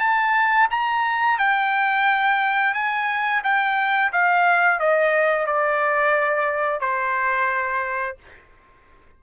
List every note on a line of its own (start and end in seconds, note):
0.00 0.68 A5
0.71 1.39 A#5
1.39 2.74 G5
2.74 3.42 G#5
3.44 4.12 G5
4.13 4.80 F5
4.80 5.47 D#5
5.47 6.81 D5
6.81 8.17 C5